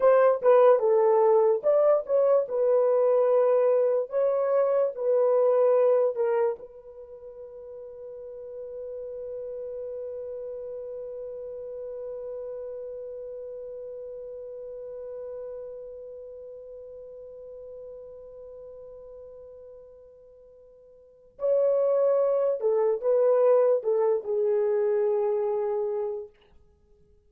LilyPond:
\new Staff \with { instrumentName = "horn" } { \time 4/4 \tempo 4 = 73 c''8 b'8 a'4 d''8 cis''8 b'4~ | b'4 cis''4 b'4. ais'8 | b'1~ | b'1~ |
b'1~ | b'1~ | b'2 cis''4. a'8 | b'4 a'8 gis'2~ gis'8 | }